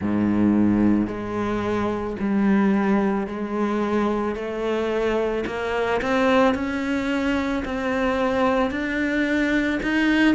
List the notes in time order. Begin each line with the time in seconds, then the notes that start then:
0.01 G#2
1.07 G#3
2.19 G3
3.27 G#3
4.35 A3
5.46 A#3
6.01 C4
6.54 C#4
7.65 C4
8.70 D4
9.82 D#4